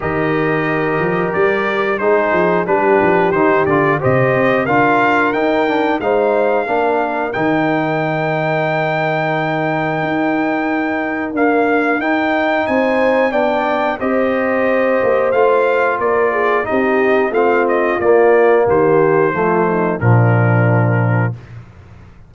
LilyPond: <<
  \new Staff \with { instrumentName = "trumpet" } { \time 4/4 \tempo 4 = 90 dis''2 d''4 c''4 | b'4 c''8 d''8 dis''4 f''4 | g''4 f''2 g''4~ | g''1~ |
g''4 f''4 g''4 gis''4 | g''4 dis''2 f''4 | d''4 dis''4 f''8 dis''8 d''4 | c''2 ais'2 | }
  \new Staff \with { instrumentName = "horn" } { \time 4/4 ais'2. gis'4 | g'2 c''4 ais'4~ | ais'4 c''4 ais'2~ | ais'1~ |
ais'2. c''4 | d''4 c''2. | ais'8 gis'8 g'4 f'2 | g'4 f'8 dis'8 d'2 | }
  \new Staff \with { instrumentName = "trombone" } { \time 4/4 g'2. dis'4 | d'4 dis'8 f'8 g'4 f'4 | dis'8 d'8 dis'4 d'4 dis'4~ | dis'1~ |
dis'4 ais4 dis'2 | d'4 g'2 f'4~ | f'4 dis'4 c'4 ais4~ | ais4 a4 f2 | }
  \new Staff \with { instrumentName = "tuba" } { \time 4/4 dis4. f8 g4 gis8 f8 | g8 f8 dis8 d8 c8 c'8 d'4 | dis'4 gis4 ais4 dis4~ | dis2. dis'4~ |
dis'4 d'4 dis'4 c'4 | b4 c'4. ais8 a4 | ais4 c'4 a4 ais4 | dis4 f4 ais,2 | }
>>